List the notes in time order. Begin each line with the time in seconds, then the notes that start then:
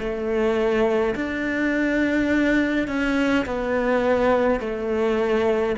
0.00 A3
1.16 D4
2.88 C#4
3.46 B3
4.60 A3